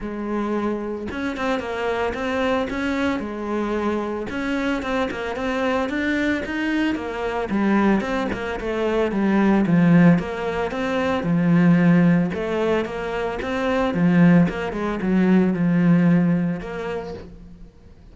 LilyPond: \new Staff \with { instrumentName = "cello" } { \time 4/4 \tempo 4 = 112 gis2 cis'8 c'8 ais4 | c'4 cis'4 gis2 | cis'4 c'8 ais8 c'4 d'4 | dis'4 ais4 g4 c'8 ais8 |
a4 g4 f4 ais4 | c'4 f2 a4 | ais4 c'4 f4 ais8 gis8 | fis4 f2 ais4 | }